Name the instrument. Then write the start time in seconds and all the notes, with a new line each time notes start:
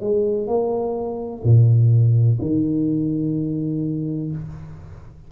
tuba
0.00 G#3
0.47 A#3
1.44 A#2
2.41 D#3